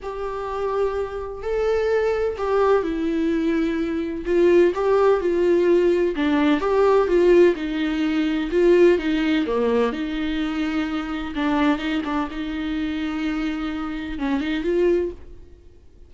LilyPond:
\new Staff \with { instrumentName = "viola" } { \time 4/4 \tempo 4 = 127 g'2. a'4~ | a'4 g'4 e'2~ | e'4 f'4 g'4 f'4~ | f'4 d'4 g'4 f'4 |
dis'2 f'4 dis'4 | ais4 dis'2. | d'4 dis'8 d'8 dis'2~ | dis'2 cis'8 dis'8 f'4 | }